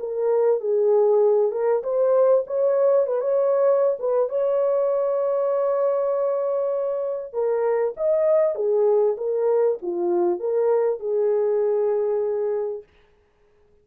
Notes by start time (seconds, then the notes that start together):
0.00 A#4
0.61 G#4
1.52 A#4
1.84 C5
2.47 C#5
3.07 B4
3.21 C#5
4.00 B4
4.30 C#5
7.34 A#4
7.97 D#5
8.56 G#4
9.18 A#4
9.83 F4
10.40 A#4
11.00 G#4